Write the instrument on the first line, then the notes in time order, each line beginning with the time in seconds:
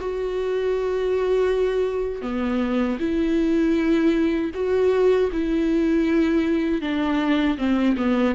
viola
0.00 F#4
2.22 B3
2.99 E4
4.54 F#4
5.32 E4
6.81 D4
7.58 C4
7.97 B3